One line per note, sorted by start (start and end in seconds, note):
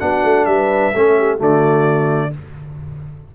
0.00 0.24 B3
0.00 0.93 D4
0.00 0.47 F#4
0.00 0.45 F#5
0.24 0.47 A3
0.45 0.93 G3
0.45 0.96 B4
0.45 1.38 E5
0.95 1.40 A3
0.95 1.38 C#4
0.95 1.18 A4
1.18 1.36 G4
1.36 2.33 D3
1.36 2.31 A3
1.36 2.29 F#4
1.36 2.35 D5